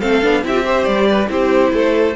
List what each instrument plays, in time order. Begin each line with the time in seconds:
0.00 cello A3, viola C4, violin A4 F5
0.22 cello B3, viola D4
0.43 cello C4, viola E4, violin G4 E5
0.53 viola F4
0.63 viola G4, violin C5
0.84 cello G3, violin D5
1.08 violin B4
1.28 cello C4, viola E4, violin G4 C5
1.72 cello A3, violin A4